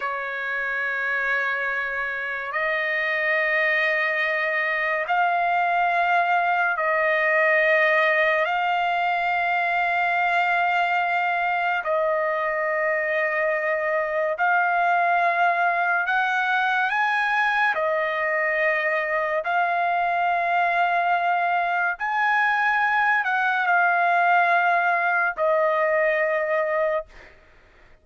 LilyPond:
\new Staff \with { instrumentName = "trumpet" } { \time 4/4 \tempo 4 = 71 cis''2. dis''4~ | dis''2 f''2 | dis''2 f''2~ | f''2 dis''2~ |
dis''4 f''2 fis''4 | gis''4 dis''2 f''4~ | f''2 gis''4. fis''8 | f''2 dis''2 | }